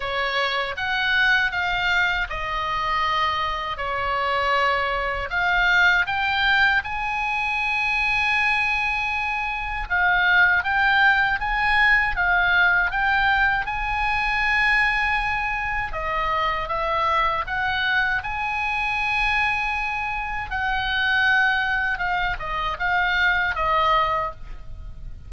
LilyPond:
\new Staff \with { instrumentName = "oboe" } { \time 4/4 \tempo 4 = 79 cis''4 fis''4 f''4 dis''4~ | dis''4 cis''2 f''4 | g''4 gis''2.~ | gis''4 f''4 g''4 gis''4 |
f''4 g''4 gis''2~ | gis''4 dis''4 e''4 fis''4 | gis''2. fis''4~ | fis''4 f''8 dis''8 f''4 dis''4 | }